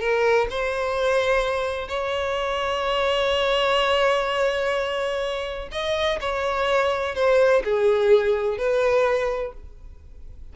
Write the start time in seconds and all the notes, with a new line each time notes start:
0.00 A#4
0.50 C5
1.88 C#5
5.72 D#5
6.21 C#5
7.15 C5
7.64 G#4
8.58 B4